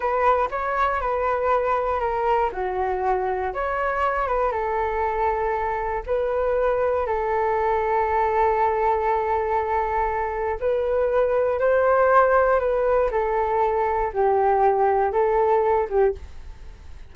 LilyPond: \new Staff \with { instrumentName = "flute" } { \time 4/4 \tempo 4 = 119 b'4 cis''4 b'2 | ais'4 fis'2 cis''4~ | cis''8 b'8 a'2. | b'2 a'2~ |
a'1~ | a'4 b'2 c''4~ | c''4 b'4 a'2 | g'2 a'4. g'8 | }